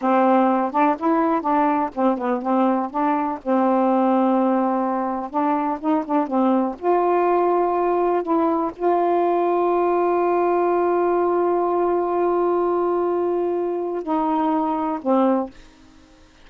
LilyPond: \new Staff \with { instrumentName = "saxophone" } { \time 4/4 \tempo 4 = 124 c'4. d'8 e'4 d'4 | c'8 b8 c'4 d'4 c'4~ | c'2. d'4 | dis'8 d'8 c'4 f'2~ |
f'4 e'4 f'2~ | f'1~ | f'1~ | f'4 dis'2 c'4 | }